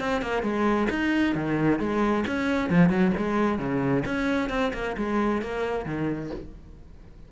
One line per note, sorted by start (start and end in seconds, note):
0.00 0.22 C4
0.22 0.43 A#3
0.43 0.88 G#3
0.90 1.35 D#4
1.35 1.80 D#3
1.80 2.25 G#3
2.27 2.70 C#4
2.70 2.90 F3
2.90 3.12 F#3
3.17 3.59 G#3
3.59 4.04 C#3
4.06 4.50 C#4
4.50 4.72 C4
4.74 4.96 A#3
4.97 5.42 G#3
5.42 5.85 A#3
5.85 6.31 D#3